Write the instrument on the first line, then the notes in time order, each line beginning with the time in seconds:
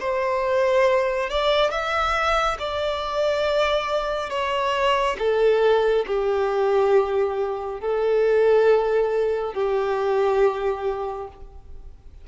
violin
0.00 C5
1.30 D5
1.71 E5
2.59 D5
4.30 C#5
5.19 A4
6.07 G4
7.80 A4
9.54 G4